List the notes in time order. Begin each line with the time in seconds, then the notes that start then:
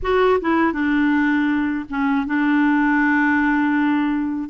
0.02 F#4
0.41 E4
0.73 D4
1.89 C#4
2.26 D4